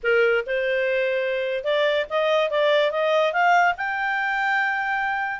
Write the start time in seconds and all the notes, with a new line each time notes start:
0.03 A#4
0.46 C5
1.64 D5
2.09 D#5
2.50 D5
2.91 D#5
3.32 F5
3.77 G5